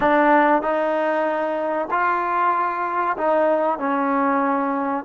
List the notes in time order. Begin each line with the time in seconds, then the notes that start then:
0.00 D4
0.62 D#4
1.90 F4
3.17 D#4
3.78 C#4